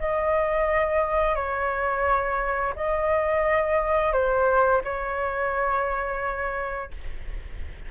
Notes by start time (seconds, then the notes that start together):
0.00 D#5
1.36 C#5
2.76 D#5
4.13 C5
4.85 C#5